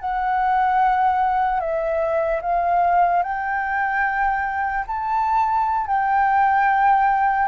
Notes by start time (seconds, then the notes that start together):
0.00 F#5
1.60 E5
2.42 F5
3.23 G5
4.87 A5
5.87 G5